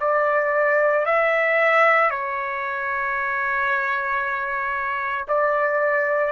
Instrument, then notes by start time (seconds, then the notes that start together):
trumpet
0.00 D5
1.05 E5
2.11 C#5
5.28 D5